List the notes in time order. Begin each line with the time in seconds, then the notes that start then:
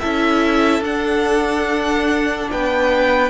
0.00 C#4 E4 A4 E5
0.81 D4 F#5
2.51 B3 B4 G5